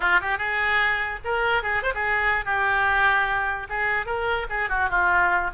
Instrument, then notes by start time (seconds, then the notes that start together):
oboe
0.00 F4
0.20 G4
0.37 G#4
1.24 A#4
1.63 G#4
1.82 C5
1.94 G#4
2.45 G4
3.69 G#4
4.05 A#4
4.49 G#4
4.69 F#4
4.89 F4